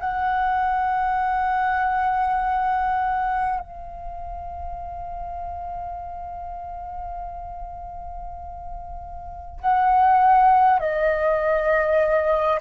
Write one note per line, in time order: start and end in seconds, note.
0.00 3.60 F#5
3.60 9.60 F5
9.61 10.79 F#5
10.79 12.59 D#5